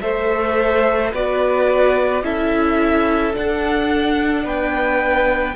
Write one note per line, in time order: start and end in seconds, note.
0.00 1.13 A3
0.00 1.12 A4
0.00 1.12 C5
0.00 1.11 E5
1.12 2.22 B3
1.12 2.23 F#4
1.12 2.23 B4
1.12 2.24 D5
2.22 3.33 C#4
2.22 3.33 E4
2.22 4.44 A4
2.22 3.35 E5
3.33 5.55 D4
3.33 4.44 D4
3.33 4.47 F#5
4.44 5.55 B3
4.44 5.55 B4
4.44 5.56 G5